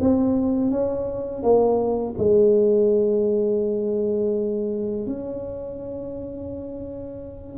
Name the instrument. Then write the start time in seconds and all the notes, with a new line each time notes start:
tuba
0.00 C4
0.71 C#4
1.43 A#3
2.18 G#3
5.06 C#4